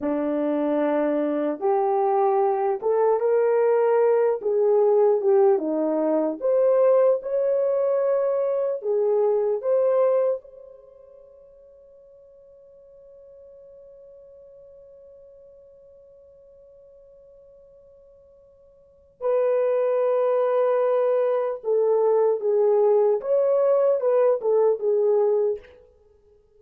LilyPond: \new Staff \with { instrumentName = "horn" } { \time 4/4 \tempo 4 = 75 d'2 g'4. a'8 | ais'4. gis'4 g'8 dis'4 | c''4 cis''2 gis'4 | c''4 cis''2.~ |
cis''1~ | cis''1 | b'2. a'4 | gis'4 cis''4 b'8 a'8 gis'4 | }